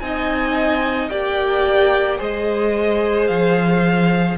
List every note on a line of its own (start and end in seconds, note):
0.00 1.09 C4
0.00 1.10 D#4
0.00 1.10 D#5
0.00 1.09 G#5
1.09 2.20 A#3
1.09 2.18 G4
1.09 2.19 D5
1.09 2.18 G5
2.18 3.29 G#3
2.18 4.36 G#4
2.18 4.37 C5
2.18 3.27 D#5
3.27 4.37 F3
3.27 4.36 F5